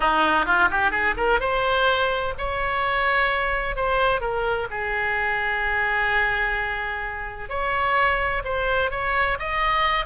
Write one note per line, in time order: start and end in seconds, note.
0.00 0.45 D#4
0.45 0.69 F4
0.70 0.91 G4
0.91 1.14 G#4
1.17 1.40 A#4
1.40 2.34 C5
2.38 3.76 C#5
3.76 4.20 C5
4.20 4.67 A#4
4.70 7.49 G#4
7.49 8.42 C#5
8.44 8.91 C5
8.91 9.37 C#5
9.39 10.05 D#5